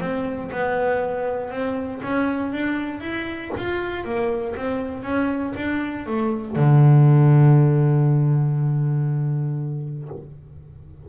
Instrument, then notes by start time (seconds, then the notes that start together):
double bass
0.00 C4
0.51 B3
1.50 C4
2.03 C#4
2.52 D4
3.00 E4
3.57 F4
4.04 A#3
4.55 C4
5.03 C#4
5.56 D4
6.06 A3
6.55 D3